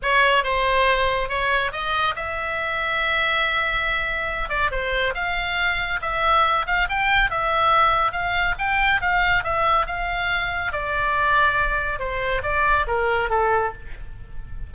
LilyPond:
\new Staff \with { instrumentName = "oboe" } { \time 4/4 \tempo 4 = 140 cis''4 c''2 cis''4 | dis''4 e''2.~ | e''2~ e''8 d''8 c''4 | f''2 e''4. f''8 |
g''4 e''2 f''4 | g''4 f''4 e''4 f''4~ | f''4 d''2. | c''4 d''4 ais'4 a'4 | }